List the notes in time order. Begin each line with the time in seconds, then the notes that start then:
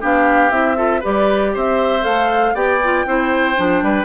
0.00 B3 D4 G4 F5
0.51 C4 E4 E5
0.76 F4 A4
1.00 G3 G4 B4 D5
1.54 C4 C5 E5
2.01 A3 A4 F5
2.54 B3 G4 D5 G5
2.83 F4
3.06 C4 E4 C5
3.55 F3 D4
3.82 G3 B4